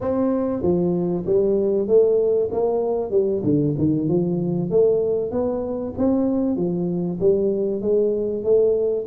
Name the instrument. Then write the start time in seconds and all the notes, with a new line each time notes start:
tuba
0.01 C4
0.62 F3
1.26 G3
1.87 A3
2.51 A#3
3.11 G3
3.43 D3
3.78 D#3
4.08 F3
4.70 A3
5.31 B3
5.97 C4
6.56 F3
7.19 G3
7.81 G#3
8.43 A3